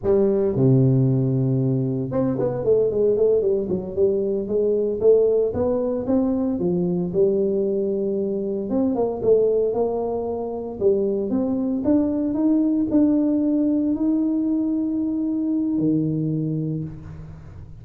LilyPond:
\new Staff \with { instrumentName = "tuba" } { \time 4/4 \tempo 4 = 114 g4 c2. | c'8 b8 a8 gis8 a8 g8 fis8 g8~ | g8 gis4 a4 b4 c'8~ | c'8 f4 g2~ g8~ |
g8 c'8 ais8 a4 ais4.~ | ais8 g4 c'4 d'4 dis'8~ | dis'8 d'2 dis'4.~ | dis'2 dis2 | }